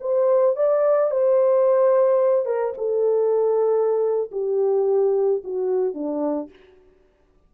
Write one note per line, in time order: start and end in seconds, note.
0.00 0.56 C5
0.56 1.10 D5
1.10 2.45 C5
2.45 2.73 A#4
2.77 4.30 A4
4.31 5.42 G4
5.43 5.93 F#4
5.93 6.49 D4